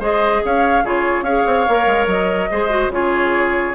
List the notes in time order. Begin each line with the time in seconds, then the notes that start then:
0.00 G#3 G#4 C5 D#5
0.45 C#4 C#5 F5
0.84 C#3 F4 G#4 C#5
1.22 C#4 G#4 C#5 F5
1.47 C4
1.69 A#3 A#4
1.87 G#3
2.07 F#3 D#5
2.51 G#3 G#4 C5
2.70 F#4
2.88 C#3 F4 C#5
2.94 G#4